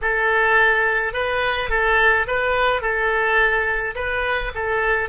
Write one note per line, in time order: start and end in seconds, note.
0.01 1.13 A4
1.13 1.69 B4
1.69 2.26 A4
2.27 2.81 B4
2.81 3.95 A4
3.95 4.52 B4
4.54 5.09 A4